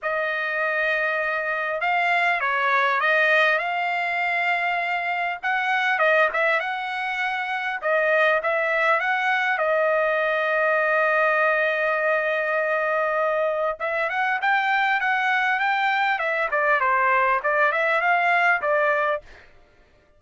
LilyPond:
\new Staff \with { instrumentName = "trumpet" } { \time 4/4 \tempo 4 = 100 dis''2. f''4 | cis''4 dis''4 f''2~ | f''4 fis''4 dis''8 e''8 fis''4~ | fis''4 dis''4 e''4 fis''4 |
dis''1~ | dis''2. e''8 fis''8 | g''4 fis''4 g''4 e''8 d''8 | c''4 d''8 e''8 f''4 d''4 | }